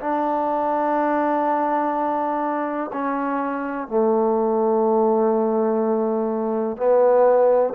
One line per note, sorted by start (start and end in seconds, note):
0.00 2.90 D4
2.93 3.87 C#4
3.87 6.77 A3
6.77 7.73 B3